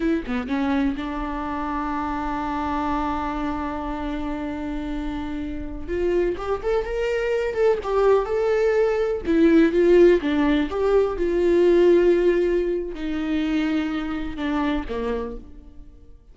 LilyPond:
\new Staff \with { instrumentName = "viola" } { \time 4/4 \tempo 4 = 125 e'8 b8 cis'4 d'2~ | d'1~ | d'1~ | d'16 f'4 g'8 a'8 ais'4. a'16~ |
a'16 g'4 a'2 e'8.~ | e'16 f'4 d'4 g'4 f'8.~ | f'2. dis'4~ | dis'2 d'4 ais4 | }